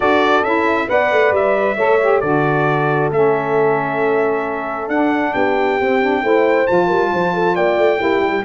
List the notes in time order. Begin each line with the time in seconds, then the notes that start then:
0.00 D4 F#4 A4 D5
0.42 C#4 E4 E5
0.88 B3 B4 D5 F#5
1.11 A3
1.31 G3 E5
1.76 A3 A4 C#5
2.01 G4
2.20 D3 F#4 A4 D5
3.10 A3 C#4 E5
4.87 D4 F#5
5.33 B3 G4 G5
5.80 C4
6.01 D4
6.22 A3 E4 C5
6.66 F3 F4 A5
6.86 G3 A#4
7.12 F3 C5
7.34 A4
7.55 A#3 D5 G5
7.77 A3
7.97 A#3 E4 G4
8.19 G3